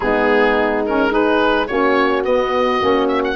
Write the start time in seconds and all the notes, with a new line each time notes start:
0.00 G#3 B3 D#4 G#4
0.86 C#4 A#4
1.10 D#4 G#4 B4
1.67 A#3 C#4 F#4 C#5
2.24 B3 D#5
2.80 A#3 C#4
3.08 E5
3.24 F#5